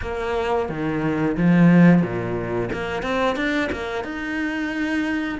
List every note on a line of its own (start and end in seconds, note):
0.01 0.69 A#3
0.69 1.36 D#3
1.37 2.02 F3
2.02 2.69 A#2
2.72 3.02 A#3
3.02 3.36 C4
3.36 3.69 D4
3.71 4.04 A#3
4.04 5.38 D#4